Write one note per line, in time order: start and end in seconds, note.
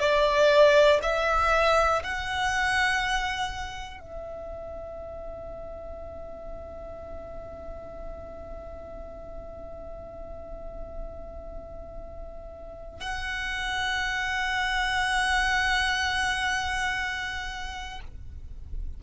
0.00 1.00 D5
1.03 2.03 E5
2.04 4.01 F#5
4.01 13.00 E5
13.00 18.00 F#5